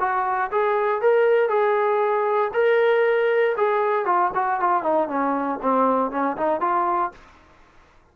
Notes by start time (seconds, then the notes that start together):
0.00 F#4
0.52 G#4
1.02 A#4
1.49 G#4
2.54 A#4
3.58 G#4
4.06 F4
4.35 F#4
4.61 F4
4.83 D#4
5.09 C#4
5.63 C4
6.12 C#4
6.37 D#4
6.61 F4